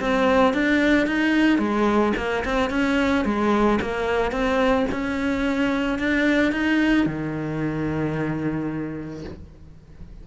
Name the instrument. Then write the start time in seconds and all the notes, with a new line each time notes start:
cello
0.00 C4
0.54 D4
1.07 D#4
1.58 G#3
2.17 A#3
2.44 C4
2.70 C#4
3.25 G#3
3.81 A#3
4.31 C4
4.92 C#4
5.99 D4
6.52 D#4
7.06 D#3